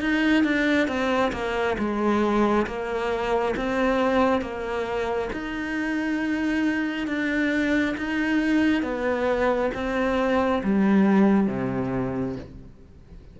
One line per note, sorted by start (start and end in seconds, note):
0.00 0.43 D#4
0.43 0.87 D4
0.87 1.31 C4
1.32 1.76 A#3
1.78 2.66 G#3
2.66 3.54 A#3
3.57 4.41 C4
4.41 5.29 A#3
5.32 7.07 D#4
7.07 7.95 D4
7.97 8.82 D#4
8.82 9.71 B3
9.74 10.62 C4
10.63 11.47 G3
11.47 12.35 C3